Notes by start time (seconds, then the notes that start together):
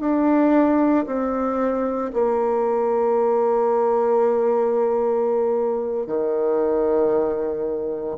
0.00 D4
1.06 C4
2.13 A#3
6.07 D#3